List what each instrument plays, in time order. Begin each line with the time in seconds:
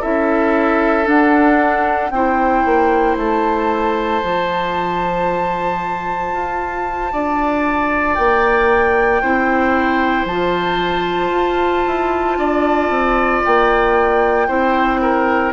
0.00 bassoon C#4, clarinet E4, oboe A4, flute E5
1.04 clarinet D4, bassoon D4, flute F#5
2.11 bassoon C4, clarinet E4, oboe C5, flute G5
2.66 bassoon A#3
3.17 bassoon A3, flute A5
4.23 bassoon F3, clarinet F4
6.33 bassoon F4
7.13 bassoon D4, oboe D5
8.15 bassoon A#3, flute G5
9.22 bassoon C4, clarinet E4, oboe C5
10.26 bassoon F3, clarinet F4, flute A5
11.31 bassoon F4
11.87 bassoon E4
12.38 bassoon D4, oboe D5
12.90 bassoon C4
13.45 bassoon A#3, flute G5
14.48 bassoon C4, clarinet E4, oboe C5
15.02 oboe A#4